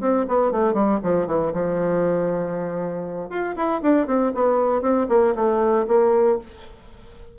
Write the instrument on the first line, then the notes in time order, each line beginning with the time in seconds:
bassoon
0.00 C4
0.28 B3
0.51 A3
0.73 G3
1.03 F3
1.26 E3
1.53 F3
3.29 F4
3.55 E4
3.82 D4
4.06 C4
4.34 B3
4.81 C4
5.08 A#3
5.35 A3
5.87 A#3